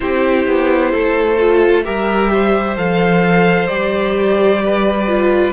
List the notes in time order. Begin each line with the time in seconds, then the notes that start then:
0.00 C4 E4 G4 C5
0.46 B3
0.91 A3 A4
1.38 F4
1.83 G3 G4 A#4 E5
2.32 C5
2.76 F3 A4 F5
3.67 G3 G4 D5
4.63 B4
5.07 F4